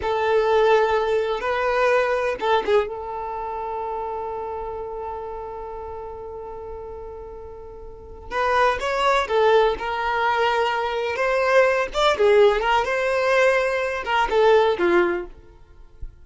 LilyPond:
\new Staff \with { instrumentName = "violin" } { \time 4/4 \tempo 4 = 126 a'2. b'4~ | b'4 a'8 gis'8 a'2~ | a'1~ | a'1~ |
a'4. b'4 cis''4 a'8~ | a'8 ais'2. c''8~ | c''4 d''8 gis'4 ais'8 c''4~ | c''4. ais'8 a'4 f'4 | }